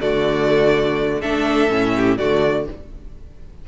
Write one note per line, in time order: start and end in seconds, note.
0.00 1.22 D3
0.00 1.21 A3
0.00 1.20 F#4
0.00 1.21 D5
1.20 1.69 A3
1.20 1.69 D4
1.20 1.92 A4
1.20 2.17 E5
1.69 2.18 A2
1.69 2.17 C#4
1.95 2.18 G4
2.17 2.67 D3
2.17 2.66 A3
2.17 2.66 F#4
2.17 2.65 D5